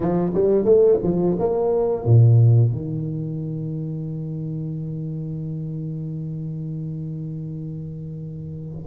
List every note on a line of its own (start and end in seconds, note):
0.00 0.32 F3
0.34 0.64 G3
0.64 0.99 A3
1.03 1.37 F3
1.39 2.04 A#3
2.04 2.71 A#2
2.71 8.85 D#3